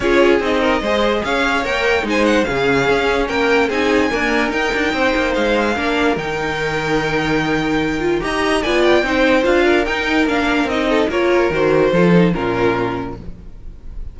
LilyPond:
<<
  \new Staff \with { instrumentName = "violin" } { \time 4/4 \tempo 4 = 146 cis''4 dis''2 f''4 | g''4 gis''8 fis''8 f''2 | g''4 gis''2 g''4~ | g''4 f''2 g''4~ |
g''1 | ais''4 gis''8 g''4. f''4 | g''4 f''4 dis''4 cis''4 | c''2 ais'2 | }
  \new Staff \with { instrumentName = "violin" } { \time 4/4 gis'4. ais'8 c''4 cis''4~ | cis''4 c''4 gis'2 | ais'4 gis'4 ais'2 | c''2 ais'2~ |
ais'1 | dis''4 d''4 c''4. ais'8~ | ais'2~ ais'8 a'8 ais'4~ | ais'4 a'4 f'2 | }
  \new Staff \with { instrumentName = "viola" } { \time 4/4 f'4 dis'4 gis'2 | ais'4 dis'4 cis'2~ | cis'4 dis'4 ais4 dis'4~ | dis'2 d'4 dis'4~ |
dis'2.~ dis'8 f'8 | g'4 f'4 dis'4 f'4 | dis'4 d'4 dis'4 f'4 | fis'4 f'8 dis'8 cis'2 | }
  \new Staff \with { instrumentName = "cello" } { \time 4/4 cis'4 c'4 gis4 cis'4 | ais4 gis4 cis4 cis'4 | ais4 c'4 d'4 dis'8 d'8 | c'8 ais8 gis4 ais4 dis4~ |
dis1 | dis'4 b4 c'4 d'4 | dis'4 ais4 c'4 ais4 | dis4 f4 ais,2 | }
>>